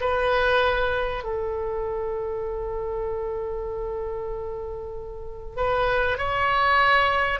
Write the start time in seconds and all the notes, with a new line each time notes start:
0.00 B4
1.23 A4
5.56 B4
6.18 C#5